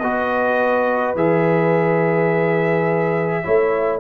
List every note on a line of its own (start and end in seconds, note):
0.00 1.15 B3
0.00 1.16 F#4
0.00 3.43 B4
0.00 1.14 D#5
1.15 3.44 E3
1.15 3.44 G#4
1.15 4.00 E5
3.43 4.00 A3
3.43 4.00 E4
3.43 4.00 C#5